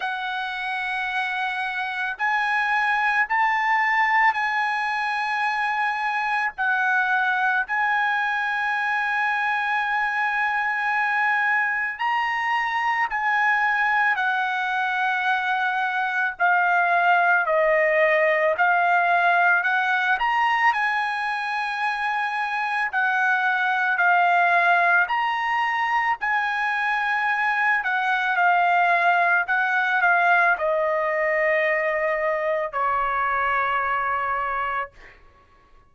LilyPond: \new Staff \with { instrumentName = "trumpet" } { \time 4/4 \tempo 4 = 55 fis''2 gis''4 a''4 | gis''2 fis''4 gis''4~ | gis''2. ais''4 | gis''4 fis''2 f''4 |
dis''4 f''4 fis''8 ais''8 gis''4~ | gis''4 fis''4 f''4 ais''4 | gis''4. fis''8 f''4 fis''8 f''8 | dis''2 cis''2 | }